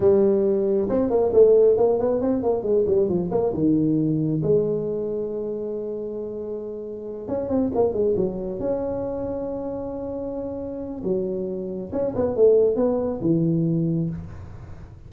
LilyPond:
\new Staff \with { instrumentName = "tuba" } { \time 4/4 \tempo 4 = 136 g2 c'8 ais8 a4 | ais8 b8 c'8 ais8 gis8 g8 f8 ais8 | dis2 gis2~ | gis1~ |
gis8 cis'8 c'8 ais8 gis8 fis4 cis'8~ | cis'1~ | cis'4 fis2 cis'8 b8 | a4 b4 e2 | }